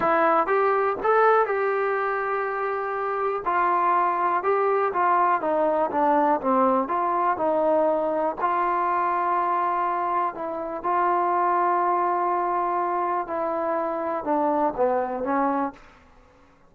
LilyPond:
\new Staff \with { instrumentName = "trombone" } { \time 4/4 \tempo 4 = 122 e'4 g'4 a'4 g'4~ | g'2. f'4~ | f'4 g'4 f'4 dis'4 | d'4 c'4 f'4 dis'4~ |
dis'4 f'2.~ | f'4 e'4 f'2~ | f'2. e'4~ | e'4 d'4 b4 cis'4 | }